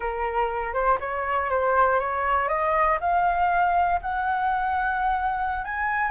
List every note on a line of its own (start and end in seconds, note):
0.00 0.73 A#4
0.73 0.98 C5
1.00 1.50 C#5
1.50 1.99 C5
1.99 2.48 C#5
2.48 2.98 D#5
3.00 4.00 F5
4.01 5.64 F#5
5.64 6.11 G#5